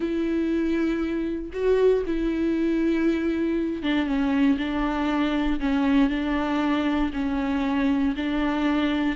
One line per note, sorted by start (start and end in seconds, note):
0.00 1.50 E4
1.53 2.04 F#4
2.06 3.82 E4
3.82 4.06 D4
4.06 4.57 C#4
4.57 5.59 D4
5.59 6.09 C#4
6.09 7.11 D4
7.13 8.14 C#4
8.16 9.16 D4